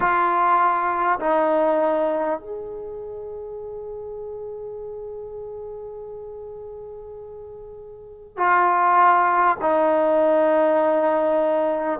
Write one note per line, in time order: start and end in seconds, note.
0.00 1.19 F4
1.19 2.39 D#4
2.39 8.37 G#4
8.37 9.57 F4
9.61 11.99 D#4